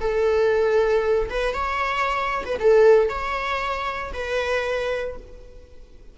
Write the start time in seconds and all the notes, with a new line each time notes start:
0.00 A4
1.29 B4
1.54 C#5
2.45 B4
2.60 A4
3.09 C#5
4.13 B4